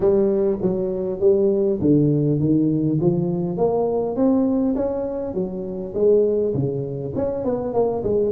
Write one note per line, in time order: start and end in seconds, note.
0.00 0.58 G3
0.61 1.20 F#3
1.20 1.79 G3
1.81 2.39 D3
2.39 2.99 D#3
3.00 3.57 F3
3.57 4.16 A#3
4.16 4.75 C4
4.75 5.34 C#4
5.34 5.93 F#3
5.94 6.53 G#3
6.53 7.13 C#3
7.15 7.44 C#4
7.44 7.73 B3
7.73 8.03 A#3
8.03 8.32 G#3